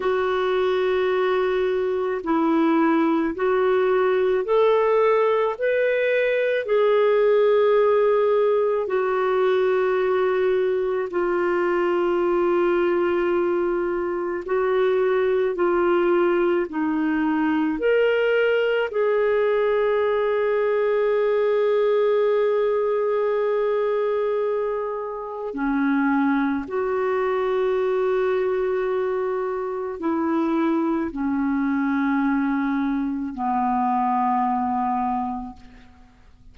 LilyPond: \new Staff \with { instrumentName = "clarinet" } { \time 4/4 \tempo 4 = 54 fis'2 e'4 fis'4 | a'4 b'4 gis'2 | fis'2 f'2~ | f'4 fis'4 f'4 dis'4 |
ais'4 gis'2.~ | gis'2. cis'4 | fis'2. e'4 | cis'2 b2 | }